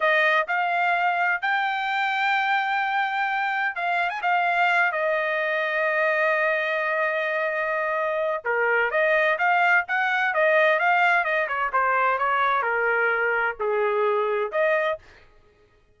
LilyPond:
\new Staff \with { instrumentName = "trumpet" } { \time 4/4 \tempo 4 = 128 dis''4 f''2 g''4~ | g''1 | f''8. gis''16 f''4. dis''4.~ | dis''1~ |
dis''2 ais'4 dis''4 | f''4 fis''4 dis''4 f''4 | dis''8 cis''8 c''4 cis''4 ais'4~ | ais'4 gis'2 dis''4 | }